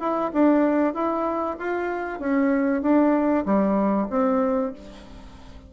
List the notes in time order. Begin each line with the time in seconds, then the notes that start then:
0.00 E4
0.33 D4
0.94 E4
1.59 F4
2.20 C#4
2.82 D4
3.45 G3
4.10 C4